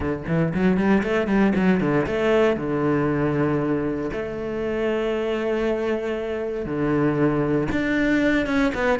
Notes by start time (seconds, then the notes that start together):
0.00 D3
0.27 E3
0.54 F#3
0.77 G3
1.03 A3
1.27 G3
1.55 F#3
1.80 D3
2.06 A3
2.56 D3
4.12 A3
6.65 D3
7.71 D4
8.46 C#4
8.74 B3